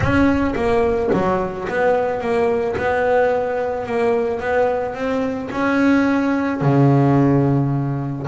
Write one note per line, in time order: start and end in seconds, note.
0.00 0.54 C#4
0.55 1.10 A#3
1.13 1.68 F#3
1.68 2.20 B3
2.20 2.75 A#3
2.76 3.86 B3
3.86 4.40 A#3
4.40 4.94 B3
4.94 5.49 C4
5.51 6.61 C#4
6.61 8.26 C#3